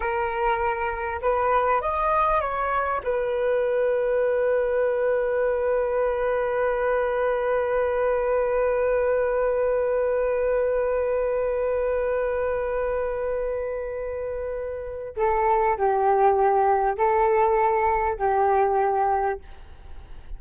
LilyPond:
\new Staff \with { instrumentName = "flute" } { \time 4/4 \tempo 4 = 99 ais'2 b'4 dis''4 | cis''4 b'2.~ | b'1~ | b'1~ |
b'1~ | b'1~ | b'4 a'4 g'2 | a'2 g'2 | }